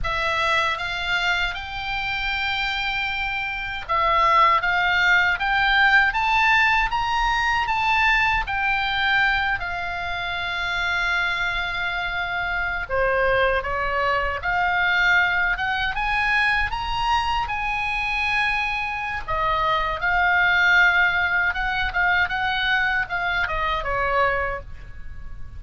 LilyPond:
\new Staff \with { instrumentName = "oboe" } { \time 4/4 \tempo 4 = 78 e''4 f''4 g''2~ | g''4 e''4 f''4 g''4 | a''4 ais''4 a''4 g''4~ | g''8 f''2.~ f''8~ |
f''8. c''4 cis''4 f''4~ f''16~ | f''16 fis''8 gis''4 ais''4 gis''4~ gis''16~ | gis''4 dis''4 f''2 | fis''8 f''8 fis''4 f''8 dis''8 cis''4 | }